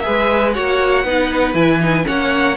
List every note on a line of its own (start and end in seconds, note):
0.00 0.53 G#4
0.00 0.54 B4
0.00 0.50 E5
0.07 0.57 G#3
0.53 1.04 A#3
0.53 1.05 F#4
0.53 1.04 C#5
0.53 1.54 F#5
1.04 1.54 B3
1.04 1.54 D#4
1.04 2.05 B4
1.54 2.05 E3
1.54 1.79 E4
1.54 2.05 G#5
1.81 2.03 D#4
2.03 2.57 A#3
2.03 2.54 C#4
2.03 2.57 C#5
2.03 2.57 F#5